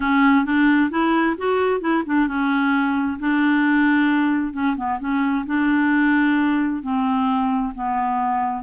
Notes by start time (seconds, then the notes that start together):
0.00 C#4
0.45 D4
0.90 E4
1.37 F#4
1.80 E4
2.06 D4
2.27 C#4
3.19 D4
4.53 C#4
4.76 B3
4.99 C#4
5.46 D4
6.82 C4
7.74 B3